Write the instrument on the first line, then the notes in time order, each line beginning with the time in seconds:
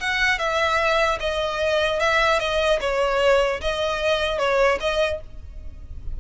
violin
0.00 F#5
0.38 E5
1.20 D#5
2.00 E5
2.39 D#5
2.80 C#5
3.61 D#5
4.38 C#5
4.80 D#5